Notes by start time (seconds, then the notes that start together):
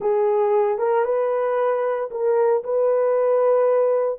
0.00 G#4
0.78 A#4
1.04 B4
2.10 A#4
2.63 B4